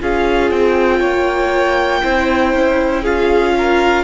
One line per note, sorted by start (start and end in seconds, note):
0.00 0.51 C#4
0.00 2.03 F4
0.00 1.00 G#4
0.00 0.51 F5
0.51 1.01 C4
0.51 3.05 G5
1.00 2.03 A#3
1.00 2.01 C#5
2.03 2.53 C4
2.03 3.05 E4
2.03 3.02 C5
2.53 4.04 C#4
3.02 4.04 F4
3.02 3.53 G#4
3.02 4.04 F5
3.57 4.04 A#4